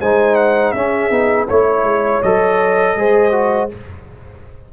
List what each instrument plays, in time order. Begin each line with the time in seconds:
0.00 tuba G#3, trombone D#4, horn C5, trumpet G#5
0.35 trumpet F#5
0.71 tuba C#4, trombone C#4, horn G#4, trumpet E5
1.10 tuba B3, trombone D#4
1.47 tuba A3, trombone E4, horn C#5, trumpet C#5
1.83 tuba G#3
2.22 tuba F#3, trombone A4, trumpet D#5
2.95 tuba G#3, trombone G#4, horn C5
3.31 trombone F#4